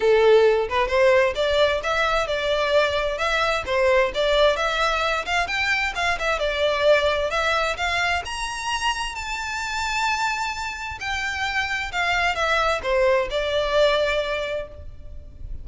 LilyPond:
\new Staff \with { instrumentName = "violin" } { \time 4/4 \tempo 4 = 131 a'4. b'8 c''4 d''4 | e''4 d''2 e''4 | c''4 d''4 e''4. f''8 | g''4 f''8 e''8 d''2 |
e''4 f''4 ais''2 | a''1 | g''2 f''4 e''4 | c''4 d''2. | }